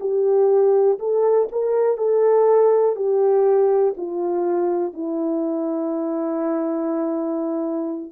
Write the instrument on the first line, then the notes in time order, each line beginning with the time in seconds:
horn
0.00 G4
0.99 A4
1.52 A#4
1.97 A4
2.96 G4
3.97 F4
4.93 E4